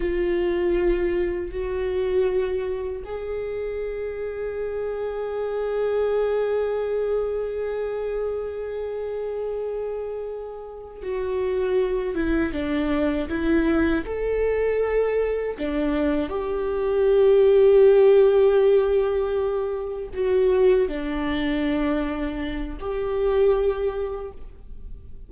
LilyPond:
\new Staff \with { instrumentName = "viola" } { \time 4/4 \tempo 4 = 79 f'2 fis'2 | gis'1~ | gis'1~ | gis'2~ gis'8 fis'4. |
e'8 d'4 e'4 a'4.~ | a'8 d'4 g'2~ g'8~ | g'2~ g'8 fis'4 d'8~ | d'2 g'2 | }